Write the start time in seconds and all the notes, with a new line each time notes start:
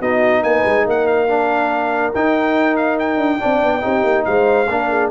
0.00 B3 D#4 F#4 D#5
0.43 A#3 B4 G#5
0.65 G#3
0.86 A#3 A#4 F#5
1.07 F5
1.28 D4
2.14 D#4 G5
2.76 F5
2.99 G5
3.17 D4
3.39 C4 D4 D5
3.63 B3
3.81 C4 D#4 G4
4.04 A#3
4.25 G#3 C5 F5
4.69 A#3 D4 A#4
4.90 G#4